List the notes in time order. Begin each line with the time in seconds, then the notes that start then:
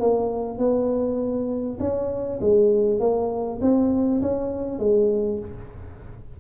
0.00 A#3
0.58 B3
1.80 C#4
2.41 G#3
3.00 A#3
3.61 C4
4.22 C#4
4.79 G#3